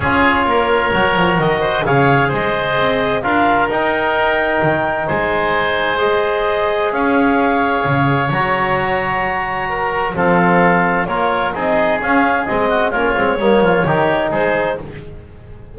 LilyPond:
<<
  \new Staff \with { instrumentName = "clarinet" } { \time 4/4 \tempo 4 = 130 cis''2. dis''4 | f''4 dis''2 f''4 | g''2. gis''4~ | gis''4 dis''2 f''4~ |
f''2 ais''2~ | ais''2 f''2 | cis''4 dis''4 f''4 dis''4 | cis''2. c''4 | }
  \new Staff \with { instrumentName = "oboe" } { \time 4/4 gis'4 ais'2~ ais'8 c''8 | cis''4 c''2 ais'4~ | ais'2. c''4~ | c''2. cis''4~ |
cis''1~ | cis''4 ais'4 a'2 | ais'4 gis'2~ gis'8 fis'8 | f'4 dis'8 f'8 g'4 gis'4 | }
  \new Staff \with { instrumentName = "trombone" } { \time 4/4 f'2 fis'2 | gis'2. f'4 | dis'1~ | dis'4 gis'2.~ |
gis'2 fis'2~ | fis'2 c'2 | f'4 dis'4 cis'4 c'4 | cis'8 c'8 ais4 dis'2 | }
  \new Staff \with { instrumentName = "double bass" } { \time 4/4 cis'4 ais4 fis8 f8 dis4 | cis4 gis4 c'4 d'4 | dis'2 dis4 gis4~ | gis2. cis'4~ |
cis'4 cis4 fis2~ | fis2 f2 | ais4 c'4 cis'4 gis4 | ais8 gis8 g8 f8 dis4 gis4 | }
>>